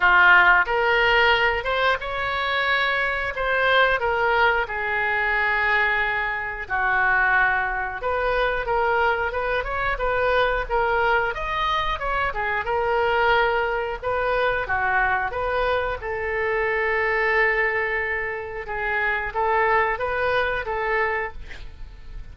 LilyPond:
\new Staff \with { instrumentName = "oboe" } { \time 4/4 \tempo 4 = 90 f'4 ais'4. c''8 cis''4~ | cis''4 c''4 ais'4 gis'4~ | gis'2 fis'2 | b'4 ais'4 b'8 cis''8 b'4 |
ais'4 dis''4 cis''8 gis'8 ais'4~ | ais'4 b'4 fis'4 b'4 | a'1 | gis'4 a'4 b'4 a'4 | }